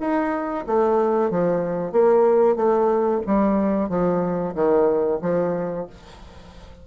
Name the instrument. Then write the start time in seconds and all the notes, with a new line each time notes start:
bassoon
0.00 D#4
0.67 A3
1.30 F3
1.92 A#3
2.56 A3
3.27 G3
3.89 F3
4.55 D#3
5.22 F3